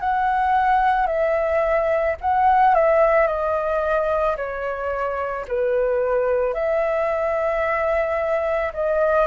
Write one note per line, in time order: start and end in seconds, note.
0.00 1.06 F#5
1.06 2.15 E5
2.21 2.74 F#5
2.74 3.27 E5
3.27 4.36 D#5
4.36 5.45 C#5
5.47 6.54 B4
6.54 8.72 E5
8.73 9.27 D#5